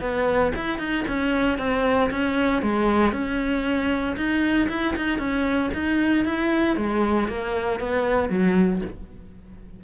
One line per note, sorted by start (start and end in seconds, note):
0.00 0.52 B3
0.55 0.78 E4
0.78 1.04 D#4
1.07 1.58 C#4
1.58 2.10 C4
2.10 2.62 C#4
2.62 3.12 G#3
3.12 4.15 C#4
4.16 4.68 D#4
4.69 4.94 E4
4.96 5.18 D#4
5.18 5.70 C#4
5.73 6.25 D#4
6.25 6.76 E4
6.76 7.28 G#3
7.28 7.79 A#3
7.79 8.29 B3
8.29 8.81 F#3